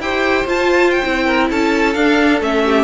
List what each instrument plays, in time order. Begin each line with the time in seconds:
0.00 cello E4, viola G4, violin C5 G5
0.46 cello F4, viola F4, violin A5
0.91 violin G5
1.05 cello C4, viola E4
1.26 violin A#4
1.50 cello C#4, violin A4 A5
1.94 viola D4, cello D4, violin F5
2.41 cello A3, viola C#4, violin E5
2.66 violin G4